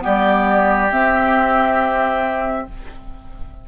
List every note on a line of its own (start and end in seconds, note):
0.00 0.92 G3
0.00 0.88 B3
0.00 2.68 G4
0.00 0.92 D5
0.92 2.68 C4
0.92 2.68 E5